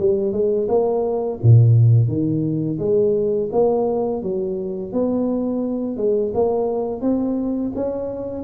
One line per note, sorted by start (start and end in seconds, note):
0.00 0.32 G3
0.32 0.68 G#3
0.69 1.39 A#3
1.43 2.08 A#2
2.08 2.79 D#3
2.79 3.49 G#3
3.52 4.23 A#3
4.23 4.93 F#3
4.93 5.97 B3
5.97 6.32 G#3
6.34 7.01 A#3
7.01 7.72 C4
7.75 8.44 C#4